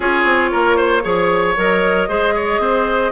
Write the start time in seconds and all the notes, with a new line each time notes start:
0.00 C#4 F4 G#4 C#5
0.24 C4
0.51 A#3 A#4
0.76 C5
1.02 F3 G#4 C#5
1.56 F#3 A#4 D#5
2.08 G#3 G#4 C5
2.35 C#5
2.58 C4 C5